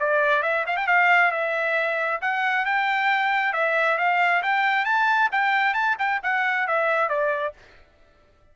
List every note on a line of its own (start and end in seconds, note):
0.00 0.43 D5
0.43 0.65 E5
0.67 0.77 F5
0.77 0.87 G5
0.87 1.32 F5
1.32 2.21 E5
2.22 2.66 F#5
2.66 3.54 G5
3.54 3.98 E5
3.98 4.42 F5
4.43 4.85 G5
4.85 5.29 A5
5.32 5.74 G5
5.74 5.96 A5
5.99 6.21 G5
6.23 6.67 F#5
6.67 7.09 E5
7.09 7.54 D5